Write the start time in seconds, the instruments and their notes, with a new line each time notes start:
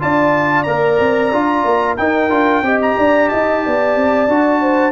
0.00 tuba D4, trombone F4, horn D5, trumpet A5
0.64 tuba A#3, trombone A#4, trumpet A#5
1.00 tuba C4
1.32 tuba D4, trombone F4
1.65 tuba A#3
1.97 trombone D#4, tuba D#4, horn A#4, trumpet G5
2.30 tuba D4, trombone F4
2.62 tuba C4, trombone G4, horn D#5
2.82 trumpet A#5
2.98 tuba D4, horn D5
3.29 tuba D#4, horn D#5, trumpet A5
3.65 tuba B3, horn D5
3.96 tuba C4
4.28 tuba D4, trombone F#4
4.61 horn C5